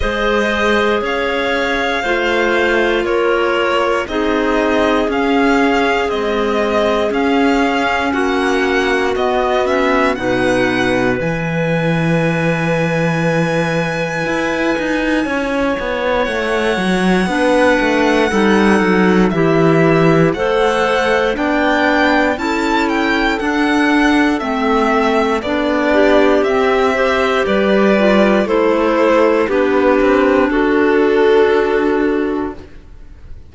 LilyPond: <<
  \new Staff \with { instrumentName = "violin" } { \time 4/4 \tempo 4 = 59 dis''4 f''2 cis''4 | dis''4 f''4 dis''4 f''4 | fis''4 dis''8 e''8 fis''4 gis''4~ | gis''1 |
fis''2. e''4 | fis''4 g''4 a''8 g''8 fis''4 | e''4 d''4 e''4 d''4 | c''4 b'4 a'2 | }
  \new Staff \with { instrumentName = "clarinet" } { \time 4/4 c''4 cis''4 c''4 ais'4 | gis'1 | fis'2 b'2~ | b'2. cis''4~ |
cis''4 b'4 a'4 g'4 | c''4 d''4 a'2~ | a'4. g'4 c''8 b'4 | a'4 g'4 fis'2 | }
  \new Staff \with { instrumentName = "clarinet" } { \time 4/4 gis'2 f'2 | dis'4 cis'4 gis4 cis'4~ | cis'4 b8 cis'8 dis'4 e'4~ | e'1~ |
e'4 d'4 dis'4 e'4 | a'4 d'4 e'4 d'4 | c'4 d'4 c'8 g'4 f'8 | e'4 d'2. | }
  \new Staff \with { instrumentName = "cello" } { \time 4/4 gis4 cis'4 a4 ais4 | c'4 cis'4 c'4 cis'4 | ais4 b4 b,4 e4~ | e2 e'8 dis'8 cis'8 b8 |
a8 fis8 b8 a8 g8 fis8 e4 | a4 b4 cis'4 d'4 | a4 b4 c'4 g4 | a4 b8 c'8 d'2 | }
>>